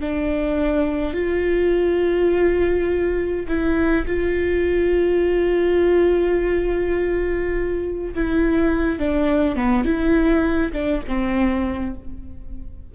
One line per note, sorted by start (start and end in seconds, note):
0.00 1.13 D4
1.13 3.46 F4
3.47 4.06 E4
4.06 8.14 F4
8.14 8.99 E4
8.99 9.56 D4
9.56 9.84 B3
9.84 10.72 E4
10.72 11.01 D4
11.07 11.94 C4